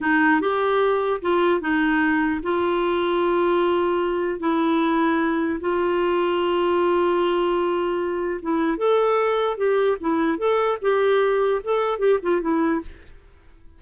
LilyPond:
\new Staff \with { instrumentName = "clarinet" } { \time 4/4 \tempo 4 = 150 dis'4 g'2 f'4 | dis'2 f'2~ | f'2. e'4~ | e'2 f'2~ |
f'1~ | f'4 e'4 a'2 | g'4 e'4 a'4 g'4~ | g'4 a'4 g'8 f'8 e'4 | }